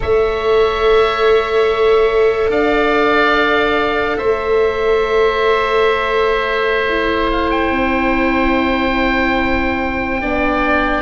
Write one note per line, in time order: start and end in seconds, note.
0.00 2.49 A3
0.00 6.87 A4
0.00 2.50 C#5
0.00 2.51 E5
2.49 4.16 D4
2.49 4.16 D5
2.49 4.17 F5
4.17 7.70 A3
4.17 10.21 C5
4.17 7.30 E5
6.89 10.21 E4
7.31 7.50 F5
7.50 11.02 G5
7.70 10.20 C4
10.21 11.02 B3
10.21 11.02 D4
10.21 11.02 D5